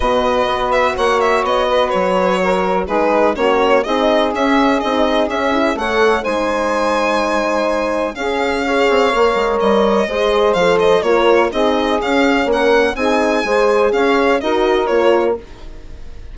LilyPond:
<<
  \new Staff \with { instrumentName = "violin" } { \time 4/4 \tempo 4 = 125 dis''4. e''8 fis''8 e''8 dis''4 | cis''2 b'4 cis''4 | dis''4 e''4 dis''4 e''4 | fis''4 gis''2.~ |
gis''4 f''2. | dis''2 f''8 dis''8 cis''4 | dis''4 f''4 fis''4 gis''4~ | gis''4 f''4 dis''4 cis''4 | }
  \new Staff \with { instrumentName = "saxophone" } { \time 4/4 b'2 cis''4. b'8~ | b'4 ais'4 gis'4 fis'4 | gis'1 | cis''4 c''2.~ |
c''4 gis'4 cis''2~ | cis''4 c''2 ais'4 | gis'2 ais'4 gis'4 | c''4 cis''4 ais'2 | }
  \new Staff \with { instrumentName = "horn" } { \time 4/4 fis'1~ | fis'2 dis'4 cis'4 | dis'4 cis'4 dis'4 cis'8 e'8 | a'4 dis'2.~ |
dis'4 cis'4 gis'4 ais'4~ | ais'4 gis'4 a'4 f'4 | dis'4 cis'2 dis'4 | gis'2 fis'4 f'4 | }
  \new Staff \with { instrumentName = "bassoon" } { \time 4/4 b,4 b4 ais4 b4 | fis2 gis4 ais4 | c'4 cis'4 c'4 cis'4 | a4 gis2.~ |
gis4 cis'4. c'8 ais8 gis8 | g4 gis4 f4 ais4 | c'4 cis'4 ais4 c'4 | gis4 cis'4 dis'4 ais4 | }
>>